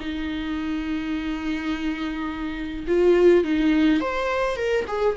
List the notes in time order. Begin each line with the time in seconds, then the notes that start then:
0.00 D#4
2.88 F4
3.44 D#4
4.01 C5
4.57 A#4
4.88 G#4